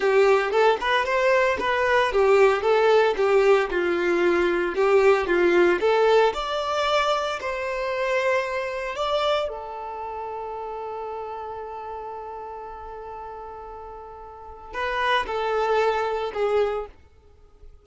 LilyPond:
\new Staff \with { instrumentName = "violin" } { \time 4/4 \tempo 4 = 114 g'4 a'8 b'8 c''4 b'4 | g'4 a'4 g'4 f'4~ | f'4 g'4 f'4 a'4 | d''2 c''2~ |
c''4 d''4 a'2~ | a'1~ | a'1 | b'4 a'2 gis'4 | }